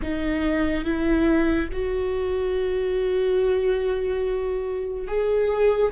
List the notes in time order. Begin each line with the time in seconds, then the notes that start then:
0.02 D#4
0.84 E4
1.72 F#4
5.07 G#4